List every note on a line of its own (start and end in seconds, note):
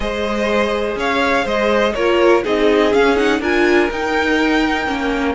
0.00 0.94 G#3
0.00 1.94 G#4
0.00 0.98 C5
0.00 0.97 D#5
0.95 1.44 C#4
0.95 1.44 C#5
0.95 1.47 F5
1.44 1.94 G#3
1.44 1.93 C5
1.44 1.94 D#5
1.94 2.44 A#3
1.94 2.44 F4
1.94 2.43 A#4
1.94 2.42 C#5
2.44 2.94 C4
2.44 2.92 D#4
2.44 3.40 G#4
2.44 2.93 D#5
2.93 3.15 C#4
2.93 3.39 C#4
2.93 3.16 F5
3.15 3.40 D#4
3.15 3.40 F#5
3.39 3.88 D4
3.39 3.91 F4
3.39 5.35 A#4
3.39 3.91 G#5
3.90 4.88 D#4
3.90 4.86 D#4
3.90 5.35 G5
4.86 5.35 A#3
4.86 5.35 C#4